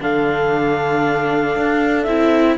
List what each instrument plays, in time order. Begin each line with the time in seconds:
0.00 cello D3, viola D4, horn A4, clarinet F5
1.56 cello D4
2.03 cello C4, viola E4, clarinet E5